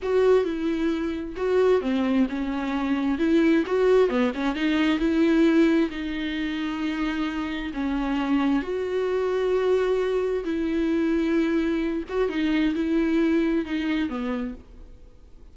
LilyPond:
\new Staff \with { instrumentName = "viola" } { \time 4/4 \tempo 4 = 132 fis'4 e'2 fis'4 | c'4 cis'2 e'4 | fis'4 b8 cis'8 dis'4 e'4~ | e'4 dis'2.~ |
dis'4 cis'2 fis'4~ | fis'2. e'4~ | e'2~ e'8 fis'8 dis'4 | e'2 dis'4 b4 | }